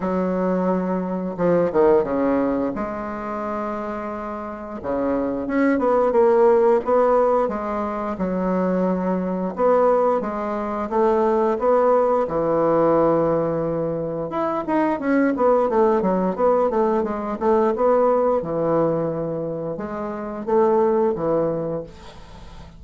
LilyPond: \new Staff \with { instrumentName = "bassoon" } { \time 4/4 \tempo 4 = 88 fis2 f8 dis8 cis4 | gis2. cis4 | cis'8 b8 ais4 b4 gis4 | fis2 b4 gis4 |
a4 b4 e2~ | e4 e'8 dis'8 cis'8 b8 a8 fis8 | b8 a8 gis8 a8 b4 e4~ | e4 gis4 a4 e4 | }